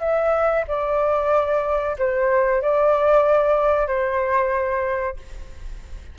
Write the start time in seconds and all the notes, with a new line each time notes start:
0.00 E5
0.67 D5
1.99 C5
2.62 D5
3.87 C5